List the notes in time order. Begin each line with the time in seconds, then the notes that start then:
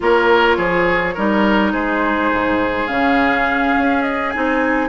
0.00 A#3 F4 A#4 C#5
0.57 F3 G#4
1.14 G3 D#4 A#4
1.72 G#3 G#4 C5
2.31 G#2
2.87 C#3 C#4 F5
3.77 C#4
4.02 D#5
4.30 C4 D#4 G#5